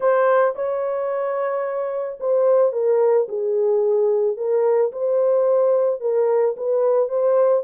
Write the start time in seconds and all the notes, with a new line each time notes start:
0.00 C5
0.55 C#5
2.19 C5
2.72 A#4
3.28 G#4
4.37 A#4
4.92 C5
6.00 A#4
6.57 B4
7.09 C5